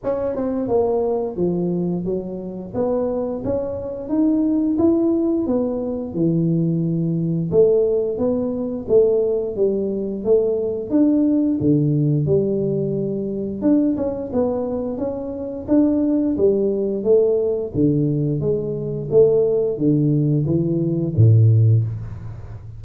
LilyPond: \new Staff \with { instrumentName = "tuba" } { \time 4/4 \tempo 4 = 88 cis'8 c'8 ais4 f4 fis4 | b4 cis'4 dis'4 e'4 | b4 e2 a4 | b4 a4 g4 a4 |
d'4 d4 g2 | d'8 cis'8 b4 cis'4 d'4 | g4 a4 d4 gis4 | a4 d4 e4 a,4 | }